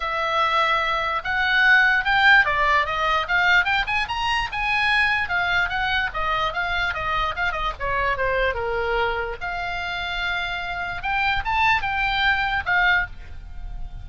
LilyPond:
\new Staff \with { instrumentName = "oboe" } { \time 4/4 \tempo 4 = 147 e''2. fis''4~ | fis''4 g''4 d''4 dis''4 | f''4 g''8 gis''8 ais''4 gis''4~ | gis''4 f''4 fis''4 dis''4 |
f''4 dis''4 f''8 dis''8 cis''4 | c''4 ais'2 f''4~ | f''2. g''4 | a''4 g''2 f''4 | }